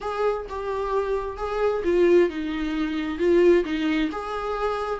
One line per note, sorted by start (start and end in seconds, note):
0.00 0.46 G#4
0.49 1.37 G4
1.37 1.82 G#4
1.84 2.29 F4
2.29 3.18 D#4
3.18 3.63 F4
3.64 4.10 D#4
4.11 5.00 G#4